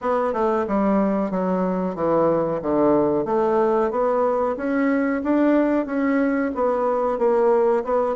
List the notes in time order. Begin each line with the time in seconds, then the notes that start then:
0.01 B3
0.33 A3
0.67 G3
1.30 F#3
1.95 E3
2.61 D3
3.25 A3
3.90 B3
4.56 C#4
5.23 D4
5.85 C#4
6.55 B3
7.18 A#3
7.83 B3